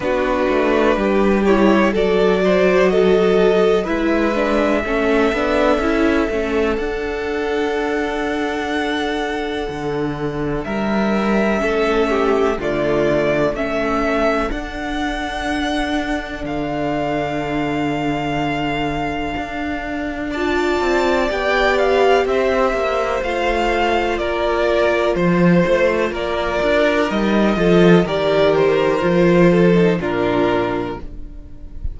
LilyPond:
<<
  \new Staff \with { instrumentName = "violin" } { \time 4/4 \tempo 4 = 62 b'4. cis''8 d''4 dis''4 | e''2. fis''4~ | fis''2. e''4~ | e''4 d''4 e''4 fis''4~ |
fis''4 f''2.~ | f''4 a''4 g''8 f''8 e''4 | f''4 d''4 c''4 d''4 | dis''4 d''8 c''4. ais'4 | }
  \new Staff \with { instrumentName = "violin" } { \time 4/4 fis'4 g'4 a'8 c''8 a'4 | b'4 a'2.~ | a'2. ais'4 | a'8 g'8 f'4 a'2~ |
a'1~ | a'4 d''2 c''4~ | c''4 ais'4 c''4 ais'4~ | ais'8 a'8 ais'4. a'8 f'4 | }
  \new Staff \with { instrumentName = "viola" } { \time 4/4 d'4. e'8 fis'2 | e'8 d'8 cis'8 d'8 e'8 cis'8 d'4~ | d'1 | cis'4 a4 cis'4 d'4~ |
d'1~ | d'4 f'4 g'2 | f'1 | dis'8 f'8 g'4 f'8. dis'16 d'4 | }
  \new Staff \with { instrumentName = "cello" } { \time 4/4 b8 a8 g4 fis2 | gis4 a8 b8 cis'8 a8 d'4~ | d'2 d4 g4 | a4 d4 a4 d'4~ |
d'4 d2. | d'4. c'8 b4 c'8 ais8 | a4 ais4 f8 a8 ais8 d'8 | g8 f8 dis4 f4 ais,4 | }
>>